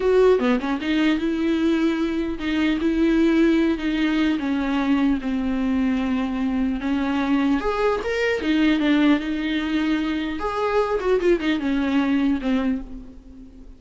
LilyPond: \new Staff \with { instrumentName = "viola" } { \time 4/4 \tempo 4 = 150 fis'4 b8 cis'8 dis'4 e'4~ | e'2 dis'4 e'4~ | e'4. dis'4. cis'4~ | cis'4 c'2.~ |
c'4 cis'2 gis'4 | ais'4 dis'4 d'4 dis'4~ | dis'2 gis'4. fis'8 | f'8 dis'8 cis'2 c'4 | }